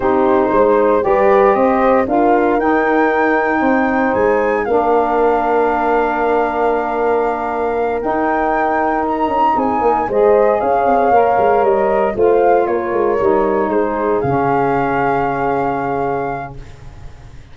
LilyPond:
<<
  \new Staff \with { instrumentName = "flute" } { \time 4/4 \tempo 4 = 116 c''2 d''4 dis''4 | f''4 g''2. | gis''4 f''2.~ | f''2.~ f''8 g''8~ |
g''4. ais''4 gis''4 dis''8~ | dis''8 f''2 dis''4 f''8~ | f''8 cis''2 c''4 f''8~ | f''1 | }
  \new Staff \with { instrumentName = "horn" } { \time 4/4 g'4 c''4 b'4 c''4 | ais'2. c''4~ | c''4 ais'2.~ | ais'1~ |
ais'2~ ais'8 gis'8 ais'8 c''8~ | c''8 cis''2. c''8~ | c''8 ais'2 gis'4.~ | gis'1 | }
  \new Staff \with { instrumentName = "saxophone" } { \time 4/4 dis'2 g'2 | f'4 dis'2.~ | dis'4 d'2.~ | d'2.~ d'8 dis'8~ |
dis'2.~ dis'8 gis'8~ | gis'4. ais'2 f'8~ | f'4. dis'2 cis'8~ | cis'1 | }
  \new Staff \with { instrumentName = "tuba" } { \time 4/4 c'4 gis4 g4 c'4 | d'4 dis'2 c'4 | gis4 ais2.~ | ais2.~ ais8 dis'8~ |
dis'2 cis'8 c'8 ais8 gis8~ | gis8 cis'8 c'8 ais8 gis8 g4 a8~ | a8 ais8 gis8 g4 gis4 cis8~ | cis1 | }
>>